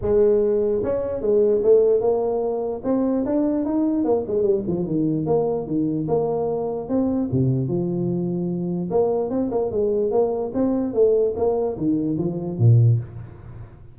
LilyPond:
\new Staff \with { instrumentName = "tuba" } { \time 4/4 \tempo 4 = 148 gis2 cis'4 gis4 | a4 ais2 c'4 | d'4 dis'4 ais8 gis8 g8 f8 | dis4 ais4 dis4 ais4~ |
ais4 c'4 c4 f4~ | f2 ais4 c'8 ais8 | gis4 ais4 c'4 a4 | ais4 dis4 f4 ais,4 | }